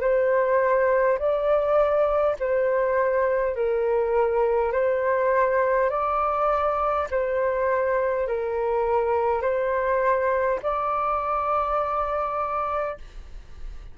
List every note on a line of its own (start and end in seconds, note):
0.00 1.18 C5
1.18 2.36 D5
2.39 3.55 C5
3.55 4.72 A#4
4.72 5.90 C5
5.90 7.07 D5
7.10 8.27 C5
8.27 9.42 A#4
9.42 10.59 C5
10.62 12.97 D5